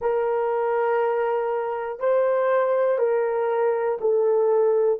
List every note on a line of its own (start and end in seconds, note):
0.01 1.99 A#4
1.99 2.98 C5
2.98 3.98 A#4
4.00 5.00 A4